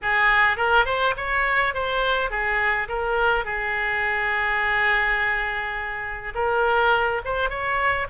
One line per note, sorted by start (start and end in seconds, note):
0.02 0.56 G#4
0.56 0.85 A#4
0.85 1.14 C5
1.16 1.74 C#5
1.74 2.30 C5
2.30 2.87 G#4
2.88 3.45 A#4
3.45 6.33 G#4
6.35 7.21 A#4
7.25 7.49 C5
7.49 8.07 C#5